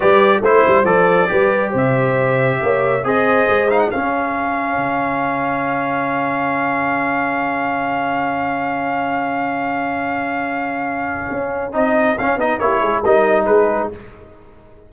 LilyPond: <<
  \new Staff \with { instrumentName = "trumpet" } { \time 4/4 \tempo 4 = 138 d''4 c''4 d''2 | e''2. dis''4~ | dis''8 f''16 fis''16 f''2.~ | f''1~ |
f''1~ | f''1~ | f''2. dis''4 | f''8 dis''8 cis''4 dis''4 b'4 | }
  \new Staff \with { instrumentName = "horn" } { \time 4/4 b'4 c''2 b'4 | c''2 cis''4 c''4~ | c''4 gis'2.~ | gis'1~ |
gis'1~ | gis'1~ | gis'1~ | gis'4 g'8 gis'8 ais'4 gis'4 | }
  \new Staff \with { instrumentName = "trombone" } { \time 4/4 g'4 e'4 a'4 g'4~ | g'2. gis'4~ | gis'8 dis'8 cis'2.~ | cis'1~ |
cis'1~ | cis'1~ | cis'2. dis'4 | cis'8 dis'8 e'4 dis'2 | }
  \new Staff \with { instrumentName = "tuba" } { \time 4/4 g4 a8 g8 f4 g4 | c2 ais4 c'4 | gis4 cis'2 cis4~ | cis1~ |
cis1~ | cis1~ | cis2 cis'4 c'4 | cis'8 b8 ais8 gis8 g4 gis4 | }
>>